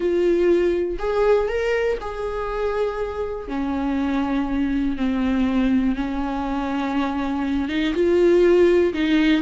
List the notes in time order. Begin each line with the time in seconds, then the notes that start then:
0.00 F4
0.98 G#4
1.48 A#4
2.00 G#4
3.48 C#4
4.97 C4
5.95 C#4
7.68 D#4
7.93 F4
8.93 D#4